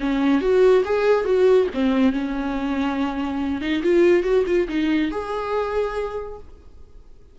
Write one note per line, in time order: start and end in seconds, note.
0.00 0.41 C#4
0.41 0.84 F#4
0.85 1.25 G#4
1.25 1.68 F#4
1.74 2.12 C4
2.12 3.61 C#4
3.61 3.83 D#4
3.83 4.23 F4
4.23 4.45 F#4
4.47 4.68 F4
4.69 5.11 D#4
5.12 6.39 G#4